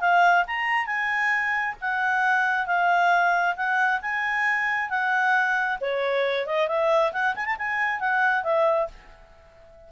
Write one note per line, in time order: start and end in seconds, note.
0.00 0.44 F5
0.47 0.86 A#5
0.86 1.75 G#5
1.81 2.66 F#5
2.66 3.55 F5
3.56 4.01 F#5
4.01 4.89 G#5
4.89 5.78 F#5
5.81 6.46 C#5
6.46 6.68 D#5
6.68 7.12 E5
7.13 7.35 F#5
7.35 7.45 G#5
7.45 7.56 A5
7.58 8.00 G#5
8.00 8.43 F#5
8.43 8.88 E5